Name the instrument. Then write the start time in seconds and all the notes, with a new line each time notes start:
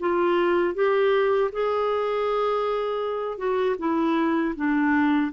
clarinet
0.00 F4
0.75 G4
1.53 G#4
3.38 F#4
3.79 E4
4.56 D4